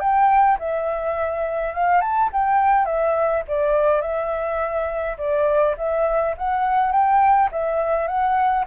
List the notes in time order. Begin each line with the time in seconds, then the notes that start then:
0.00 G5
0.59 E5
1.74 F5
2.01 A5
2.33 G5
2.86 E5
3.48 D5
4.02 E5
5.18 D5
5.77 E5
6.37 F#5
6.92 G5
7.52 E5
8.07 F#5